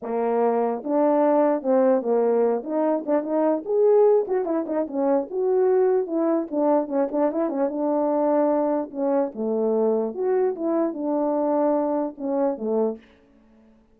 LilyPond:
\new Staff \with { instrumentName = "horn" } { \time 4/4 \tempo 4 = 148 ais2 d'2 | c'4 ais4. dis'4 d'8 | dis'4 gis'4. fis'8 e'8 dis'8 | cis'4 fis'2 e'4 |
d'4 cis'8 d'8 e'8 cis'8 d'4~ | d'2 cis'4 a4~ | a4 fis'4 e'4 d'4~ | d'2 cis'4 a4 | }